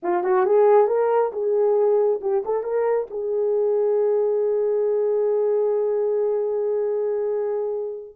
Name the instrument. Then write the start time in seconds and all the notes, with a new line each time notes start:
horn
0.02 F4
0.23 F#4
0.45 G#4
0.87 A#4
1.32 G#4
2.21 G4
2.45 A4
2.63 A#4
3.10 G#4